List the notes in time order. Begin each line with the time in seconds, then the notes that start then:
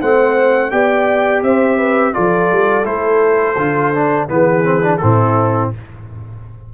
0.00 A3 C4 C5 F#5
0.70 B3 G4 D5 G5
1.42 C4 C5 E5
1.77 B4
2.13 F3 F4 A4 D5
2.51 G3
2.84 A3 E4 C5
3.56 D3 F4
3.94 D4
4.29 E3 B3 G#4 B4
4.64 C4
4.82 D4
4.97 A2 C4 E4 A4